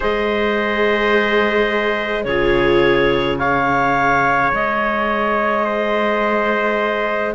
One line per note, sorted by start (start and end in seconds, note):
0.00 2.25 G#3
0.00 2.26 G#4
0.00 2.26 C5
0.00 2.23 D#5
2.23 4.51 C#3
2.23 3.40 F4
2.23 3.38 G#4
2.23 3.37 C#5
3.38 7.34 G#4
3.38 5.64 C#5
3.38 4.51 F5
4.53 7.34 G#3
4.53 7.34 D#5
5.64 7.34 C5